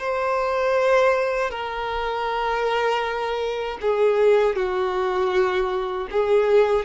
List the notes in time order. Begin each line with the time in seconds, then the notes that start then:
0.00 C5
1.51 A#4
3.82 G#4
4.56 F#4
6.11 G#4